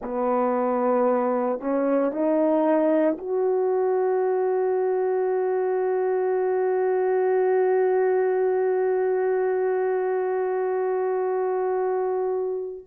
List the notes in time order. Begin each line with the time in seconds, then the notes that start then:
0.02 B3
1.60 C#4
2.11 D#4
3.18 F#4